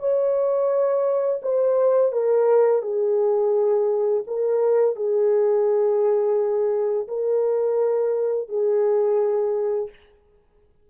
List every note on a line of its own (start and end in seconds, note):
0.00 1.41 C#5
1.42 2.12 C5
2.12 2.83 A#4
2.83 4.24 G#4
4.27 4.96 A#4
4.96 7.08 G#4
7.08 8.49 A#4
8.49 9.90 G#4